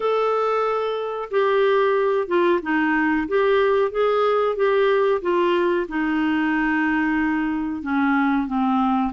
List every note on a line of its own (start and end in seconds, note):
0.00 1.29 A4
1.30 2.27 G4
2.27 2.60 F4
2.62 3.27 D#4
3.28 3.91 G4
3.91 4.55 G#4
4.55 5.21 G4
5.21 5.87 F4
5.88 7.82 D#4
7.82 8.47 C#4
8.47 9.12 C4